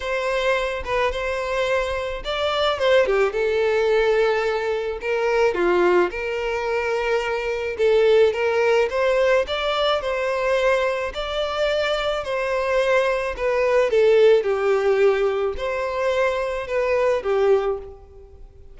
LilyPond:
\new Staff \with { instrumentName = "violin" } { \time 4/4 \tempo 4 = 108 c''4. b'8 c''2 | d''4 c''8 g'8 a'2~ | a'4 ais'4 f'4 ais'4~ | ais'2 a'4 ais'4 |
c''4 d''4 c''2 | d''2 c''2 | b'4 a'4 g'2 | c''2 b'4 g'4 | }